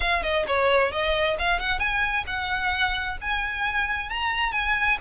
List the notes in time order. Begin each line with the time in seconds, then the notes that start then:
0.00 F5
0.23 D#5
0.47 C#5
0.91 D#5
1.38 F5
1.59 F#5
1.79 G#5
2.26 F#5
3.21 G#5
4.09 A#5
4.52 G#5